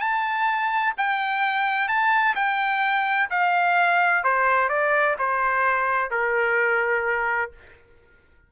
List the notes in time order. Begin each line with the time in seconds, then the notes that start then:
0.00 A5
0.97 G5
1.88 A5
2.35 G5
3.30 F5
4.24 C5
4.69 D5
5.18 C5
6.10 A#4